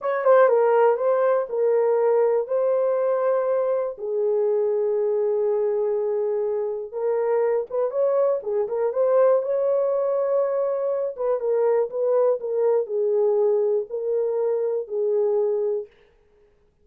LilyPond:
\new Staff \with { instrumentName = "horn" } { \time 4/4 \tempo 4 = 121 cis''8 c''8 ais'4 c''4 ais'4~ | ais'4 c''2. | gis'1~ | gis'2 ais'4. b'8 |
cis''4 gis'8 ais'8 c''4 cis''4~ | cis''2~ cis''8 b'8 ais'4 | b'4 ais'4 gis'2 | ais'2 gis'2 | }